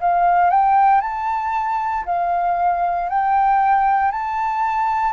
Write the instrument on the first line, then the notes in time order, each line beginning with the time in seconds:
flute
0.00 F5
0.50 G5
1.01 A5
2.05 F5
3.09 G5
4.11 A5